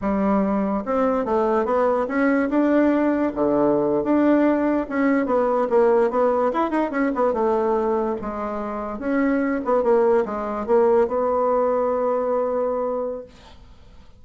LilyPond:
\new Staff \with { instrumentName = "bassoon" } { \time 4/4 \tempo 4 = 145 g2 c'4 a4 | b4 cis'4 d'2 | d4.~ d16 d'2 cis'16~ | cis'8. b4 ais4 b4 e'16~ |
e'16 dis'8 cis'8 b8 a2 gis16~ | gis4.~ gis16 cis'4. b8 ais16~ | ais8. gis4 ais4 b4~ b16~ | b1 | }